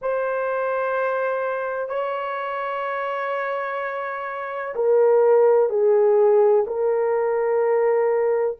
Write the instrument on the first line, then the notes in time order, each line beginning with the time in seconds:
horn
0.01 C5
1.88 C#5
4.75 A#4
5.69 G#4
6.66 A#4